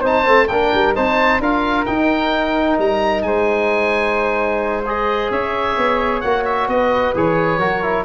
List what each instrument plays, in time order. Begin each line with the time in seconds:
0.00 tuba C4, trombone D#4, flute C5, oboe A5
0.25 tuba A3, trombone C4
0.48 tuba A#3, trombone D4, flute A#4, oboe G5
0.74 tuba G3
0.95 tuba C4, trombone D#4, flute C5, oboe A5
1.39 tuba D4, trombone F4, flute A#4, oboe F5
1.85 trombone D#4, tuba D#4, oboe G5
2.78 tuba G3, oboe A#5
3.22 tuba G#3, flute C5, oboe G#5
4.86 trombone G#4, oboe D#5
5.30 tuba C#4, flute C#5, oboe E5
5.77 tuba B3
6.20 tuba A#3, trombone F#4, oboe F#5
6.45 oboe E5
6.68 tuba B3, flute B4, oboe D#5
7.14 tuba E3, trombone G#4, oboe C#5
7.58 tuba F#3, trombone F#4, flute A#4
7.82 trombone E4